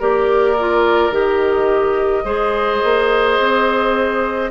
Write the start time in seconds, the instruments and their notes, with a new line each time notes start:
0.00 bassoon A#3, clarinet G4, oboe A#4, flute D5
0.59 clarinet F4
1.12 bassoon D#3, clarinet G4, flute D#5
2.25 bassoon G#3, clarinet G#4, oboe C5
2.84 bassoon A#3
3.39 bassoon C4